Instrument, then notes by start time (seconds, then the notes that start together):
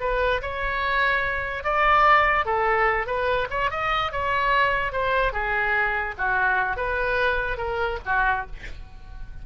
oboe
0.00 B4
0.42 C#5
1.63 D5
2.45 A4
3.06 B4
3.50 C#5
3.70 D#5
4.12 C#5
4.92 C5
5.32 G#4
6.18 F#4
6.76 B4
7.57 A#4
8.05 F#4